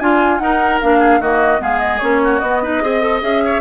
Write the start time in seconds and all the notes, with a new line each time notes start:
0.00 D4 F4 G#5
0.39 D#4 A#4 F#5
0.81 A#3 D4 F5
0.99 G#4
1.21 D#3 A#3 F#4 D#5
1.59 G#3 B3 G#4 F5
1.80 D#5
1.99 A#3 C#4 C#5
2.23 F#4
2.40 B3 D#5
2.47 B3
2.63 D#4 B4
2.82 C4 G#4 D#5
3.01 A4
3.22 C#4 G#4 E5
3.45 C#5